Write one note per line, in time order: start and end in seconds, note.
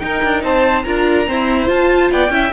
0.00 0.85 D#4
0.00 0.24 D#4
0.00 0.44 A#4
0.00 0.42 G5
0.24 0.44 D4
0.44 0.86 C4
0.44 0.86 C5
0.44 0.84 A5
0.84 1.29 D4
0.84 1.27 F4
0.84 1.28 A#4
0.84 1.68 A#5
1.27 1.66 C4
1.27 1.70 E4
1.27 2.12 C5
1.66 2.29 F4
1.66 2.12 F4
1.66 2.12 A5
2.12 2.30 B3
2.12 2.33 D5
2.12 2.54 G5
2.30 2.51 C#4
2.30 2.52 E4
2.30 2.54 E5